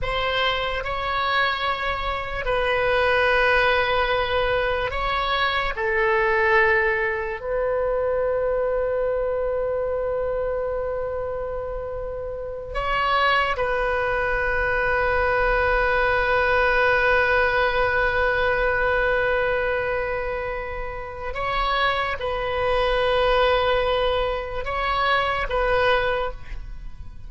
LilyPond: \new Staff \with { instrumentName = "oboe" } { \time 4/4 \tempo 4 = 73 c''4 cis''2 b'4~ | b'2 cis''4 a'4~ | a'4 b'2.~ | b'2.~ b'8 cis''8~ |
cis''8 b'2.~ b'8~ | b'1~ | b'2 cis''4 b'4~ | b'2 cis''4 b'4 | }